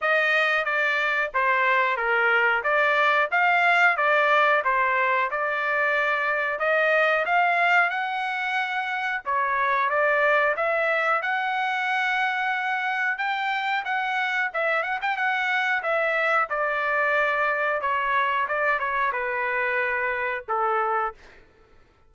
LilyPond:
\new Staff \with { instrumentName = "trumpet" } { \time 4/4 \tempo 4 = 91 dis''4 d''4 c''4 ais'4 | d''4 f''4 d''4 c''4 | d''2 dis''4 f''4 | fis''2 cis''4 d''4 |
e''4 fis''2. | g''4 fis''4 e''8 fis''16 g''16 fis''4 | e''4 d''2 cis''4 | d''8 cis''8 b'2 a'4 | }